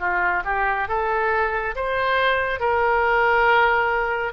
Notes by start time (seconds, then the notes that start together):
0.00 F4
0.45 G4
0.89 A4
1.76 C5
2.60 A#4